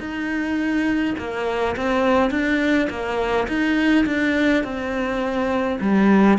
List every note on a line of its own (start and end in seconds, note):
0.00 1.15 D#4
1.19 1.76 A#3
1.77 2.31 C4
2.31 2.88 D4
2.90 3.48 A#3
3.48 4.06 D#4
4.06 4.64 D4
4.64 5.79 C4
5.81 6.38 G3